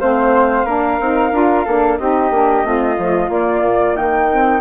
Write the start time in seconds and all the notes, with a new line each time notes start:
0.00 A3 C4 C5 F5
0.65 A#3 D4 A#4
1.00 C4 D#4
1.32 D4 F4
1.65 A#3 D4 A4
1.98 C4 D#4 G4 D#5
2.30 A#3 D4
2.64 A3 C4 F4
2.97 F3 A3
3.29 A#3 D5
3.62 A#2
3.96 D#3 D#4 G5
4.31 C4